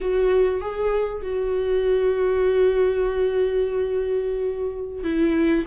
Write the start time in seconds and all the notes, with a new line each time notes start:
0.00 F#4
0.61 G#4
1.22 F#4
5.03 E4